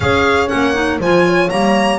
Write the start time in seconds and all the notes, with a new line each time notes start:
0.00 C#4 G#4 C#5 F5
0.48 A#3 C#4 F#5
0.73 D#4
0.98 F3 F4 C5 G#5
1.26 C#5
1.49 G3 A#3 A#5